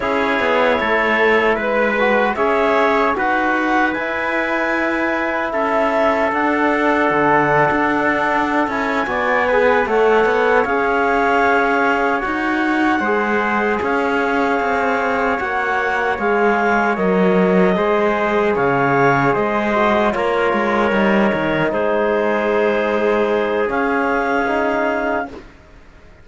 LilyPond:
<<
  \new Staff \with { instrumentName = "clarinet" } { \time 4/4 \tempo 4 = 76 cis''2 b'4 e''4 | fis''4 gis''2 e''4 | fis''2. gis''4~ | gis''8 fis''4 f''2 fis''8~ |
fis''4. f''2 fis''8~ | fis''8 f''4 dis''2 f''8~ | f''8 dis''4 cis''2 c''8~ | c''2 f''2 | }
  \new Staff \with { instrumentName = "trumpet" } { \time 4/4 gis'4 a'4 b'4 cis''4 | b'2. a'4~ | a'2.~ a'8 d''8 | b'8 cis''2.~ cis''8~ |
cis''8 c''4 cis''2~ cis''8~ | cis''2~ cis''8 c''4 cis''8~ | cis''8 c''4 ais'2 gis'8~ | gis'1 | }
  \new Staff \with { instrumentName = "trombone" } { \time 4/4 e'2~ e'8 fis'8 gis'4 | fis'4 e'2. | d'2. e'8 fis'8 | gis'8 a'4 gis'2 fis'8~ |
fis'8 gis'2. fis'8~ | fis'8 gis'4 ais'4 gis'4.~ | gis'4 fis'8 f'4 dis'4.~ | dis'2 cis'4 dis'4 | }
  \new Staff \with { instrumentName = "cello" } { \time 4/4 cis'8 b8 a4 gis4 cis'4 | dis'4 e'2 cis'4 | d'4 d8. d'4~ d'16 cis'8 b8~ | b8 a8 b8 cis'2 dis'8~ |
dis'8 gis4 cis'4 c'4 ais8~ | ais8 gis4 fis4 gis4 cis8~ | cis8 gis4 ais8 gis8 g8 dis8 gis8~ | gis2 cis'2 | }
>>